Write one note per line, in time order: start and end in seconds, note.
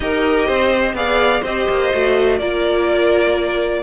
0.00 0.47 D#4
0.00 0.95 G4
0.00 0.47 A#4
0.00 0.95 D#5
0.47 0.93 C4
0.47 0.95 C5
0.93 1.41 B3
0.93 1.43 G#4
0.93 1.42 D5
0.93 1.43 F5
1.42 1.67 C4
1.42 1.93 G4
1.42 2.38 C5
1.42 2.38 D#5
1.69 1.93 A#3
1.93 2.40 A3
1.93 2.40 F#4
2.38 3.82 A#3
2.38 3.82 F4
2.38 3.82 A#4
2.38 3.82 D5